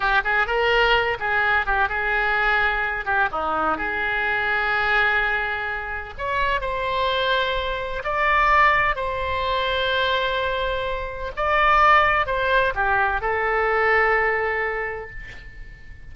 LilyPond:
\new Staff \with { instrumentName = "oboe" } { \time 4/4 \tempo 4 = 127 g'8 gis'8 ais'4. gis'4 g'8 | gis'2~ gis'8 g'8 dis'4 | gis'1~ | gis'4 cis''4 c''2~ |
c''4 d''2 c''4~ | c''1 | d''2 c''4 g'4 | a'1 | }